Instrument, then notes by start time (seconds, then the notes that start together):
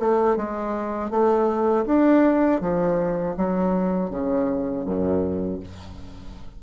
bassoon
0.00 A3
0.37 G#3
1.11 A3
1.86 D4
2.61 F3
3.37 F#3
4.10 C#3
4.85 F#2